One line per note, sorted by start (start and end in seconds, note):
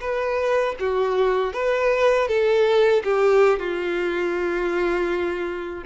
0.00 0.75 B4
0.79 1.53 F#4
1.53 2.27 B4
2.27 3.02 A4
3.04 3.59 G4
3.59 5.84 F4